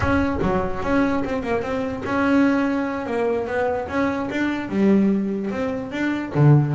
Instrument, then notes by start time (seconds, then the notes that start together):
double bass
0.00 C#4
0.42 F#3
0.83 C#4
1.24 C4
1.42 A#3
1.62 C4
2.05 C#4
3.06 A#3
3.47 B3
3.88 C#4
4.30 D4
4.69 G3
5.50 C4
5.91 D4
6.34 D3